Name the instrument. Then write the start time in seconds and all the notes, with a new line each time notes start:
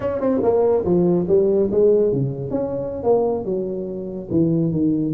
tuba
0.00 C#4
0.20 C4
0.42 A#3
0.84 F3
1.27 G3
1.71 G#3
2.12 C#3
2.50 C#4
3.03 A#3
3.44 F#3
4.31 E3
4.72 D#3